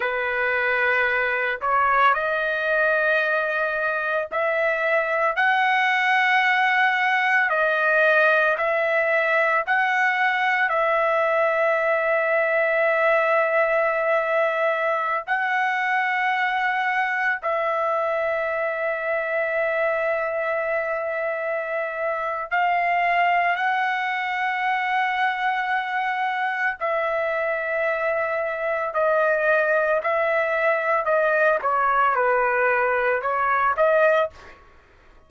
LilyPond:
\new Staff \with { instrumentName = "trumpet" } { \time 4/4 \tempo 4 = 56 b'4. cis''8 dis''2 | e''4 fis''2 dis''4 | e''4 fis''4 e''2~ | e''2~ e''16 fis''4.~ fis''16~ |
fis''16 e''2.~ e''8.~ | e''4 f''4 fis''2~ | fis''4 e''2 dis''4 | e''4 dis''8 cis''8 b'4 cis''8 dis''8 | }